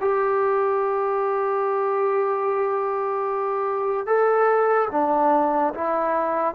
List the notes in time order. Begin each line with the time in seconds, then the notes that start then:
0.00 G4
4.06 A4
4.91 D4
5.74 E4